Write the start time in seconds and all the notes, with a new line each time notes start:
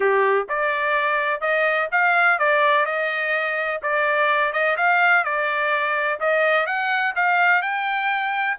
0.00 G4
0.48 D5
1.40 D#5
1.91 F5
2.39 D5
2.85 D#5
3.82 D5
4.52 D#5
4.77 F5
5.24 D5
6.19 D#5
6.66 F#5
7.15 F5
7.62 G5